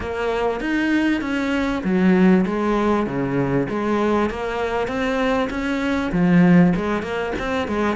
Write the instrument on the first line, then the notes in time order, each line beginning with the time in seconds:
cello
0.00 A#3
0.60 D#4
1.21 C#4
1.83 F#3
2.45 G#3
3.06 C#3
3.69 G#3
4.30 A#3
4.87 C4
5.50 C#4
6.12 F3
6.76 G#3
7.02 A#3
7.39 C4
7.68 G#3